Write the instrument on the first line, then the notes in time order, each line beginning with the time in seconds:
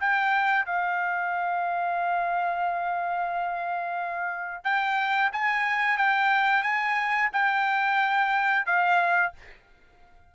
trumpet
0.00 G5
0.66 F5
4.64 G5
5.33 G#5
5.98 G5
6.63 G#5
7.33 G5
8.66 F5